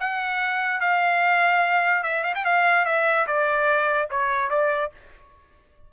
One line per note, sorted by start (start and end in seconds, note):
0.00 0.80 F#5
0.80 2.03 F5
2.03 2.24 E5
2.24 2.34 F5
2.35 2.45 G5
2.45 2.85 F5
2.85 3.26 E5
3.27 4.09 D5
4.11 4.50 C#5
4.50 4.91 D5